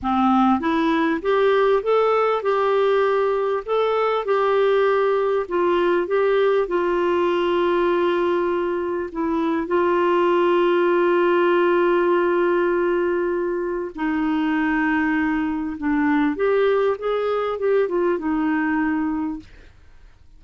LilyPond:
\new Staff \with { instrumentName = "clarinet" } { \time 4/4 \tempo 4 = 99 c'4 e'4 g'4 a'4 | g'2 a'4 g'4~ | g'4 f'4 g'4 f'4~ | f'2. e'4 |
f'1~ | f'2. dis'4~ | dis'2 d'4 g'4 | gis'4 g'8 f'8 dis'2 | }